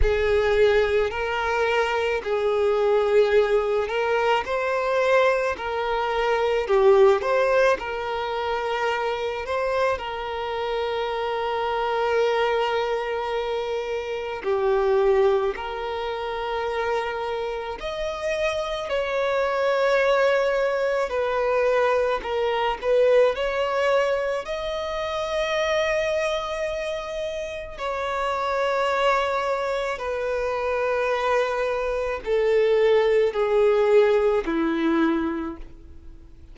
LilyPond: \new Staff \with { instrumentName = "violin" } { \time 4/4 \tempo 4 = 54 gis'4 ais'4 gis'4. ais'8 | c''4 ais'4 g'8 c''8 ais'4~ | ais'8 c''8 ais'2.~ | ais'4 g'4 ais'2 |
dis''4 cis''2 b'4 | ais'8 b'8 cis''4 dis''2~ | dis''4 cis''2 b'4~ | b'4 a'4 gis'4 e'4 | }